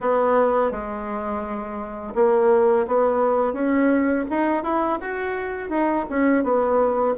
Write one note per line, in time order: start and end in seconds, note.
0.00 0.71 B3
0.71 2.14 G#3
2.15 2.86 A#3
2.87 3.53 B3
3.53 4.24 C#4
4.30 4.63 D#4
4.63 4.98 E4
5.01 5.69 F#4
5.69 6.05 D#4
6.09 6.43 C#4
6.43 7.15 B3